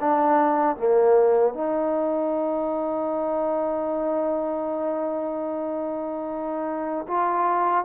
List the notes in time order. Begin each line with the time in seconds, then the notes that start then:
0.00 D4
0.76 A#3
1.54 D#4
7.08 F4